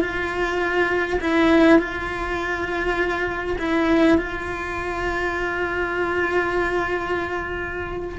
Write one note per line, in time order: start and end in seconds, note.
0.00 1.19 F4
1.20 1.78 E4
1.78 3.57 F4
3.58 4.17 E4
4.17 8.18 F4